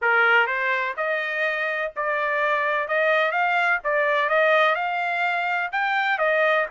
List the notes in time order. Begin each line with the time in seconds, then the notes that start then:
0.01 A#4
0.46 C5
0.97 D#5
1.95 D5
2.88 D#5
3.31 F5
3.83 D5
4.29 D#5
4.75 F5
5.72 G5
6.18 D#5